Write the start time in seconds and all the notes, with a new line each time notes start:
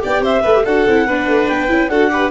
0.00 B3 G4 D5 G5
0.20 C4 C5 E5
0.42 A3 A4 B4
0.55 G4
0.65 D4 F#4 A4 F#5
0.87 C4 E4
1.07 B3 D4 B4
1.28 A3
1.48 B3 G5
1.69 C#4 E4
1.89 D4 F#4 A4 F#5
2.11 G4 B4